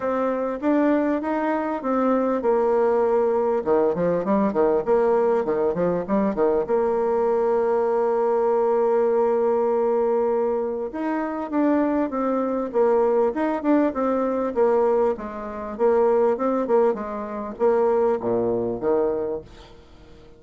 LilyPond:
\new Staff \with { instrumentName = "bassoon" } { \time 4/4 \tempo 4 = 99 c'4 d'4 dis'4 c'4 | ais2 dis8 f8 g8 dis8 | ais4 dis8 f8 g8 dis8 ais4~ | ais1~ |
ais2 dis'4 d'4 | c'4 ais4 dis'8 d'8 c'4 | ais4 gis4 ais4 c'8 ais8 | gis4 ais4 ais,4 dis4 | }